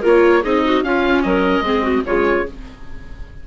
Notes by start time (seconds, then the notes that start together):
0.00 A#3 F4 A#4
0.06 C#5
0.41 C4 D#4 G#4 D#5
0.64 F#4
0.82 C#4 F4 F5
1.22 F#3 A#4 D#5
1.60 G#3 C4 G#4
1.82 F#4
2.04 C#3 G#3 F4 C#5